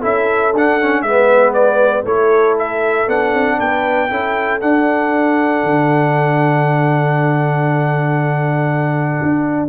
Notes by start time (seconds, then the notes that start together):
0.00 C#4 E4 A4 E5
0.54 D4 F#5
0.81 C#4
1.02 G#3 B3 B4 E5
1.54 D5
2.05 A3 E4 A4 C#5
2.59 E5
3.08 B3 D4 F#5
3.34 C4
3.58 B3 B4 G5
4.09 C#4 E4 A4
4.61 D4 F#5
5.64 D3
9.23 D4